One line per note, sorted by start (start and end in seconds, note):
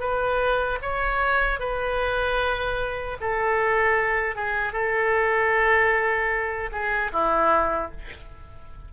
0.00 0.79 B4
0.82 1.60 C#5
1.60 3.18 B4
3.21 4.36 A4
4.36 4.73 G#4
4.73 6.70 A4
6.72 7.11 G#4
7.13 7.92 E4